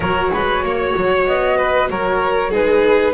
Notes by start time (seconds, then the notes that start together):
0.00 F#3 F#4 A#4 C#5
0.32 G#3 B4
0.62 A#3 C#5
0.96 F#3
1.26 B3 D#5
1.57 B4
1.89 F#3 A#4 C#5
2.50 G#3 D#4 G#4 B4